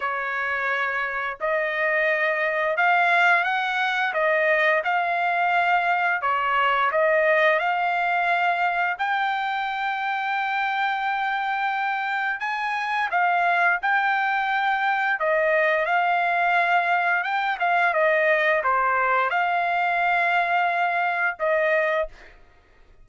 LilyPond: \new Staff \with { instrumentName = "trumpet" } { \time 4/4 \tempo 4 = 87 cis''2 dis''2 | f''4 fis''4 dis''4 f''4~ | f''4 cis''4 dis''4 f''4~ | f''4 g''2.~ |
g''2 gis''4 f''4 | g''2 dis''4 f''4~ | f''4 g''8 f''8 dis''4 c''4 | f''2. dis''4 | }